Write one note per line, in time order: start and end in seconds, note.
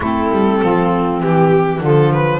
0.00 0.30 A3
0.00 1.82 C4
0.00 0.59 E4
0.00 1.21 A4
0.31 0.61 G3
0.61 1.23 F3
0.61 1.20 F4
1.20 1.80 E3
1.20 1.79 G4
1.20 1.81 G4
1.79 2.39 D3
1.79 2.39 F3
1.79 2.39 F4
1.79 2.13 A4
2.13 2.39 B4